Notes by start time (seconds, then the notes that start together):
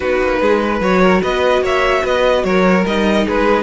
0.00 B3 D#4 F#4 B4
0.21 A#3
0.41 G#3 G#4
0.62 B4
0.80 F#3 F#4 C#5
1.01 A#4
1.22 B3 B4 D#5
1.61 A#3 C#5 E5
2.03 B3 B4 D#5
2.44 F#3 A#4 C#5
2.85 G3 D#4 D#5
3.25 G#3 G#4 B4